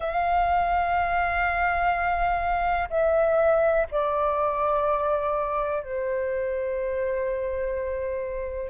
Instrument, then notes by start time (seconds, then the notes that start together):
flute
0.00 F5
2.90 E5
3.91 D5
5.83 C5